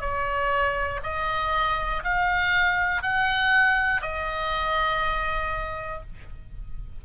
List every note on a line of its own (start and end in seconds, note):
0.00 1.00 C#5
1.03 2.03 D#5
2.03 3.02 F5
3.02 4.02 F#5
4.02 6.02 D#5